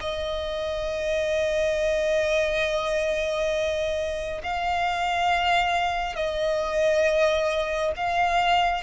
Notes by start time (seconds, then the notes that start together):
0.00 D#5
4.43 F5
6.16 D#5
7.96 F5